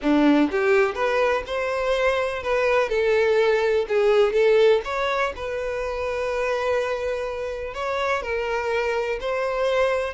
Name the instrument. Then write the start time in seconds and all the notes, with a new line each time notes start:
violin
0.02 D4
0.51 G4
0.94 B4
1.46 C5
2.42 B4
2.89 A4
3.88 G#4
4.32 A4
4.84 C#5
5.36 B4
7.74 C#5
8.22 A#4
9.20 C5